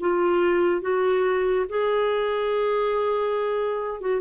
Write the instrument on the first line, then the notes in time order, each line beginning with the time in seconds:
clarinet
0.00 F4
0.81 F#4
1.69 G#4
4.00 F#4